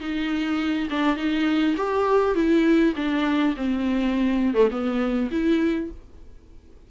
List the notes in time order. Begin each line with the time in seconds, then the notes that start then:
0.00 D#4
0.90 D4
1.16 D#4
1.77 G4
2.35 E4
2.96 D4
3.56 C4
4.54 A3
4.71 B3
5.32 E4